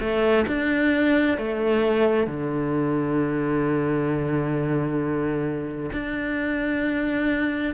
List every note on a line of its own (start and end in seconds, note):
0.00 0.45 A3
0.47 1.38 D4
1.38 2.27 A3
2.27 5.90 D3
5.93 7.74 D4